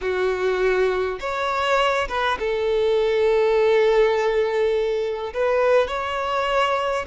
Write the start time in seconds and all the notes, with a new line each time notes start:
0.01 F#4
1.20 C#5
2.08 B4
2.39 A4
5.33 B4
5.87 C#5